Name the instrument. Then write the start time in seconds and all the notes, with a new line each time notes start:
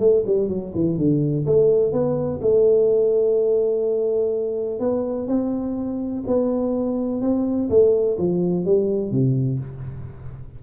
tuba
0.00 A3
0.27 G3
0.49 F#3
0.75 E3
0.98 D3
1.46 A3
1.92 B3
2.42 A3
4.80 B3
5.28 C4
6.27 B3
7.22 C4
7.70 A3
8.18 F3
8.65 G3
9.11 C3